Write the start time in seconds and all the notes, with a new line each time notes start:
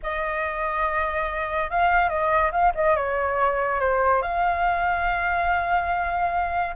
0.02 D#5
1.70 F5
2.09 D#5
2.51 F5
2.75 D#5
2.96 C#5
3.80 C5
4.22 F5